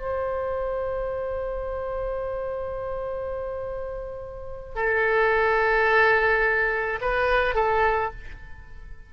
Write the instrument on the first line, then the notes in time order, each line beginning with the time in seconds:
oboe
0.00 C5
4.75 A4
7.01 B4
7.55 A4